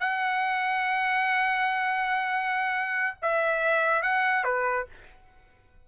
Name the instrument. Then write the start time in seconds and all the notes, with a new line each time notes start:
trumpet
0.00 F#5
3.22 E5
4.03 F#5
4.44 B4